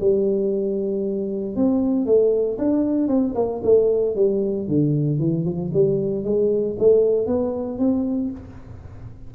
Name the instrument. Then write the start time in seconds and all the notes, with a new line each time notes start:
tuba
0.00 G3
1.56 C4
2.06 A3
2.58 D4
3.08 C4
3.35 A#3
3.63 A3
4.15 G3
4.68 D3
5.19 E3
5.45 F3
5.73 G3
6.24 G#3
6.79 A3
7.27 B3
7.79 C4